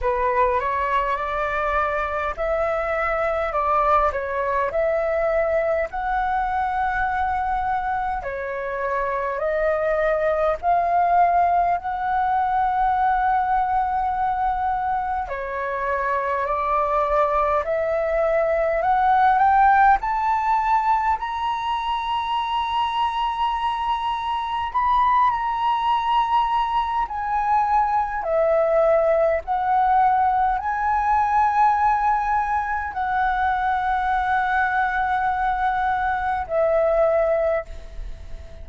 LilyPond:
\new Staff \with { instrumentName = "flute" } { \time 4/4 \tempo 4 = 51 b'8 cis''8 d''4 e''4 d''8 cis''8 | e''4 fis''2 cis''4 | dis''4 f''4 fis''2~ | fis''4 cis''4 d''4 e''4 |
fis''8 g''8 a''4 ais''2~ | ais''4 b''8 ais''4. gis''4 | e''4 fis''4 gis''2 | fis''2. e''4 | }